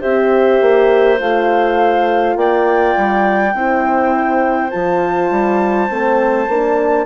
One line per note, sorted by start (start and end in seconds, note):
0.00 0.61 C4
0.00 1.18 G4
0.00 2.35 C5
0.00 1.19 E5
0.61 1.20 A#3
1.19 2.36 A3
1.19 3.54 F4
1.19 2.36 F5
2.36 2.95 A#3
2.36 3.55 D5
2.36 4.70 G5
2.97 3.54 G3
3.54 4.72 C4
3.54 4.71 E4
3.54 7.06 C5
4.70 5.31 F3
4.70 5.89 F4
4.70 7.06 A5
5.31 5.89 G3
5.89 6.48 A3
5.89 6.48 C4
6.48 7.06 A#3
6.48 7.06 D4